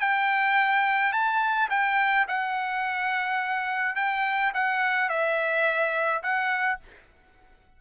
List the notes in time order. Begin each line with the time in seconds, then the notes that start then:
0.00 G5
1.12 A5
1.70 G5
2.28 F#5
3.96 G5
4.54 F#5
5.09 E5
6.23 F#5